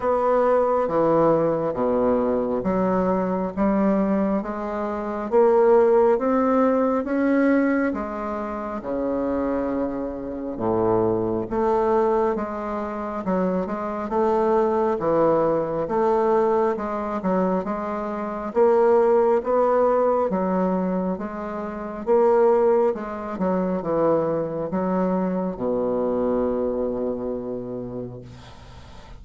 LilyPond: \new Staff \with { instrumentName = "bassoon" } { \time 4/4 \tempo 4 = 68 b4 e4 b,4 fis4 | g4 gis4 ais4 c'4 | cis'4 gis4 cis2 | a,4 a4 gis4 fis8 gis8 |
a4 e4 a4 gis8 fis8 | gis4 ais4 b4 fis4 | gis4 ais4 gis8 fis8 e4 | fis4 b,2. | }